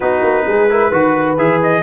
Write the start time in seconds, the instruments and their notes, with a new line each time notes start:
0.00 tuba B3, trombone D#4, horn F#4, trumpet B4
0.22 tuba A#3
0.46 tuba G#3, horn G#4
0.70 trombone E4, horn A#4
0.88 tuba D#3, trombone F#4, horn B4
1.37 tuba E3, trombone G#4, trumpet E5
1.62 trumpet D#5